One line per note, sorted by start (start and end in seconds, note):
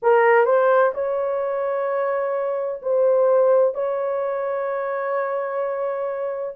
0.02 0.45 A#4
0.45 0.92 C5
0.94 2.81 C#5
2.81 3.74 C5
3.74 6.55 C#5